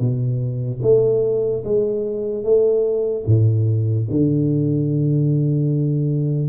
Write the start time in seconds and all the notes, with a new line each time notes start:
0.00 B2
0.83 A3
1.65 G#3
2.44 A3
3.27 A2
4.11 D3